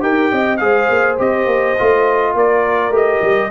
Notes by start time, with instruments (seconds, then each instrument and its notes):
0.00 tuba D#4, trombone G4, horn A#4, trumpet G5
0.32 tuba C4, horn D#5
0.57 tuba G#3, trombone G#4, trumpet F5
0.63 horn C5
0.89 tuba A#3
1.18 tuba C4, trombone G4, trumpet D#5
1.46 tuba A#3
1.78 tuba A3, trombone F4
2.34 tuba A#3, horn A#4, trumpet D5
2.90 tuba A3, trombone G4
2.96 trumpet D#5
3.22 tuba G3